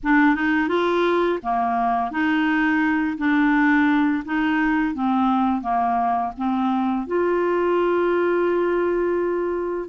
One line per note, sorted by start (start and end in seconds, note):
0.03 0.35 D4
0.35 0.68 D#4
0.68 1.39 F4
1.42 2.11 A#3
2.11 3.17 D#4
3.17 4.23 D4
4.25 4.94 D#4
4.94 5.61 C4
5.61 6.32 A#3
6.37 7.07 C4
7.07 9.89 F4